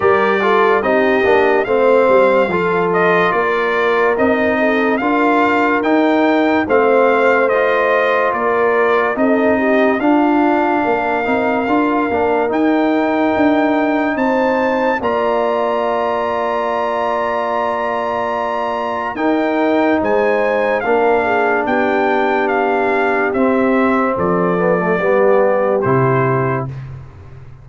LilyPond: <<
  \new Staff \with { instrumentName = "trumpet" } { \time 4/4 \tempo 4 = 72 d''4 dis''4 f''4. dis''8 | d''4 dis''4 f''4 g''4 | f''4 dis''4 d''4 dis''4 | f''2. g''4~ |
g''4 a''4 ais''2~ | ais''2. g''4 | gis''4 f''4 g''4 f''4 | e''4 d''2 c''4 | }
  \new Staff \with { instrumentName = "horn" } { \time 4/4 ais'8 a'8 g'4 c''4 a'4 | ais'4. a'8 ais'2 | c''2 ais'4 a'8 g'8 | f'4 ais'2.~ |
ais'4 c''4 d''2~ | d''2. ais'4 | c''4 ais'8 gis'8 g'2~ | g'4 a'4 g'2 | }
  \new Staff \with { instrumentName = "trombone" } { \time 4/4 g'8 f'8 dis'8 d'8 c'4 f'4~ | f'4 dis'4 f'4 dis'4 | c'4 f'2 dis'4 | d'4. dis'8 f'8 d'8 dis'4~ |
dis'2 f'2~ | f'2. dis'4~ | dis'4 d'2. | c'4. b16 a16 b4 e'4 | }
  \new Staff \with { instrumentName = "tuba" } { \time 4/4 g4 c'8 ais8 a8 g8 f4 | ais4 c'4 d'4 dis'4 | a2 ais4 c'4 | d'4 ais8 c'8 d'8 ais8 dis'4 |
d'4 c'4 ais2~ | ais2. dis'4 | gis4 ais4 b2 | c'4 f4 g4 c4 | }
>>